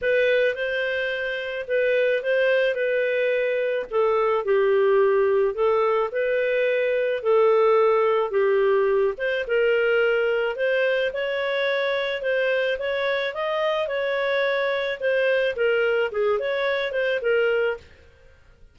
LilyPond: \new Staff \with { instrumentName = "clarinet" } { \time 4/4 \tempo 4 = 108 b'4 c''2 b'4 | c''4 b'2 a'4 | g'2 a'4 b'4~ | b'4 a'2 g'4~ |
g'8 c''8 ais'2 c''4 | cis''2 c''4 cis''4 | dis''4 cis''2 c''4 | ais'4 gis'8 cis''4 c''8 ais'4 | }